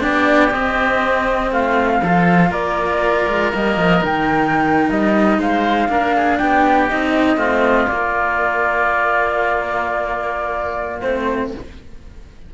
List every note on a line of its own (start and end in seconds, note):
0.00 0.54 B3
0.00 0.50 D4
0.00 1.51 G4
0.00 0.51 D5
0.51 2.01 C4
0.51 1.51 C4
0.51 1.51 D#5
1.51 2.01 A3
1.51 2.01 F4
1.51 2.52 F5
2.02 2.51 F3
2.02 3.52 F4
2.02 2.50 A4
2.50 3.26 A#3
2.50 5.38 A#4
2.50 3.52 D5
3.28 3.53 G#3
3.52 3.77 G3
3.52 4.01 A#3
3.52 4.04 D#5
3.77 4.02 F3
4.01 4.90 D#3
4.01 5.88 D#4
4.01 4.90 G5
4.90 5.38 G3
4.90 5.40 D#5
5.38 5.88 G#3
5.38 5.89 C5
5.38 6.38 F5
5.89 6.39 A#3
5.89 6.89 D4
5.89 6.15 A#4
6.16 6.38 G#4
6.38 6.91 B3
6.38 7.37 G4
6.38 6.88 G5
6.89 7.37 C4
6.89 7.37 D#4
6.89 7.88 D#5
7.37 7.87 A3
7.37 7.87 C4
7.37 11.49 F4
7.88 11.01 A#3
7.88 11.02 A#3
7.88 11.00 D5
11.01 11.54 A3
11.01 11.52 C4
11.01 11.51 C5